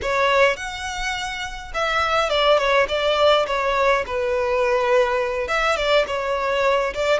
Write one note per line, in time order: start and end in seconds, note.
0.02 0.56 C#5
0.56 1.72 F#5
1.73 2.29 E5
2.29 2.58 D5
2.58 2.87 C#5
2.88 3.46 D5
3.46 4.04 C#5
4.06 5.48 B4
5.48 5.76 E5
5.76 6.05 D5
6.07 6.93 C#5
6.94 7.20 D5